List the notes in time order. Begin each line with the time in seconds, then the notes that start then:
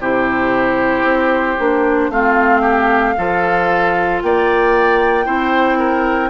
0.00 C3 E4 G4 C5
1.04 C4
1.59 A#3 D4
2.10 A3 C4 F4 F5
2.62 G4
3.17 F3 F4 A4
4.22 A#3 D5 G5
5.25 C4 E4 C5
5.79 A#4